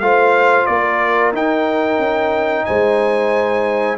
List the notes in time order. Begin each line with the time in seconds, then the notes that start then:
0.00 A3 F4 C5 F5
0.66 A#3 A#4 D5
1.32 D#4 G5
1.98 C#4
2.65 G#3 C5 G#5